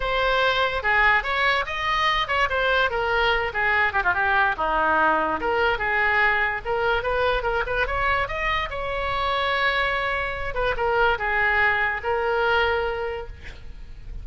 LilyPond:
\new Staff \with { instrumentName = "oboe" } { \time 4/4 \tempo 4 = 145 c''2 gis'4 cis''4 | dis''4. cis''8 c''4 ais'4~ | ais'8 gis'4 g'16 f'16 g'4 dis'4~ | dis'4 ais'4 gis'2 |
ais'4 b'4 ais'8 b'8 cis''4 | dis''4 cis''2.~ | cis''4. b'8 ais'4 gis'4~ | gis'4 ais'2. | }